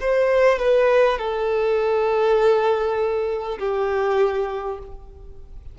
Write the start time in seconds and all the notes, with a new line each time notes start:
0.00 C5
0.58 B4
1.18 A4
3.58 G4